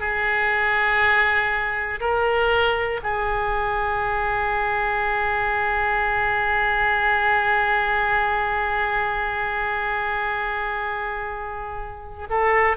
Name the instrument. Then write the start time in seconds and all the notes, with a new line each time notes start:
oboe
0.00 G#4
2.00 A#4
3.03 G#4
12.30 A4